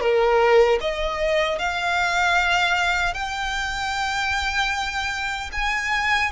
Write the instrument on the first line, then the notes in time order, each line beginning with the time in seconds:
violin
0.00 A#4
0.80 D#5
1.58 F5
3.13 G5
5.52 G#5